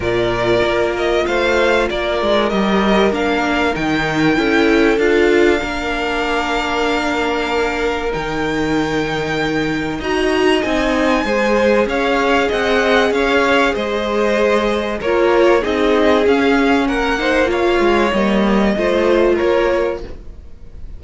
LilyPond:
<<
  \new Staff \with { instrumentName = "violin" } { \time 4/4 \tempo 4 = 96 d''4. dis''8 f''4 d''4 | dis''4 f''4 g''2 | f''1~ | f''4 g''2. |
ais''4 gis''2 f''4 | fis''4 f''4 dis''2 | cis''4 dis''4 f''4 fis''4 | f''4 dis''2 cis''4 | }
  \new Staff \with { instrumentName = "violin" } { \time 4/4 ais'2 c''4 ais'4~ | ais'2. a'4~ | a'4 ais'2.~ | ais'1 |
dis''2 c''4 cis''4 | dis''4 cis''4 c''2 | ais'4 gis'2 ais'8 c''8 | cis''2 c''4 ais'4 | }
  \new Staff \with { instrumentName = "viola" } { \time 4/4 f'1 | g'4 d'4 dis'4 e'4 | f'4 d'2.~ | d'4 dis'2. |
fis'4 dis'4 gis'2~ | gis'1 | f'4 dis'4 cis'4. dis'8 | f'4 ais4 f'2 | }
  \new Staff \with { instrumentName = "cello" } { \time 4/4 ais,4 ais4 a4 ais8 gis8 | g4 ais4 dis4 cis'4 | d'4 ais2.~ | ais4 dis2. |
dis'4 c'4 gis4 cis'4 | c'4 cis'4 gis2 | ais4 c'4 cis'4 ais4~ | ais8 gis8 g4 a4 ais4 | }
>>